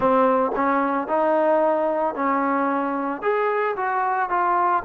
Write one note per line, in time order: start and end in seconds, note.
0.00 0.51 C4
0.55 1.07 C#4
1.07 2.14 D#4
2.14 3.21 C#4
3.21 3.75 G#4
3.76 4.29 F#4
4.29 4.83 F4